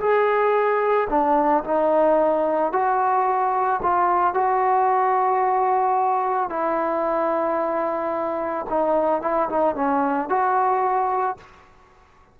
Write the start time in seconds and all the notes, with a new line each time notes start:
0.00 G#4
1.10 D4
1.64 D#4
2.72 F#4
3.83 F4
4.34 F#4
6.50 E4
8.70 D#4
9.22 E4
9.49 D#4
9.75 C#4
10.29 F#4